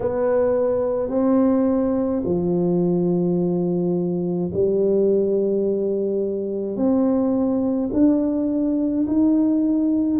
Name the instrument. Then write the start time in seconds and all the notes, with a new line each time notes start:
tuba
0.00 B3
1.09 C4
2.24 F3
4.53 G3
6.76 C4
7.92 D4
9.07 D#4